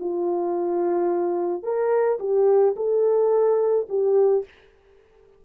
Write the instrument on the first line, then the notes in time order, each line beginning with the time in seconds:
horn
0.00 F4
1.63 A#4
2.19 G4
2.76 A4
3.89 G4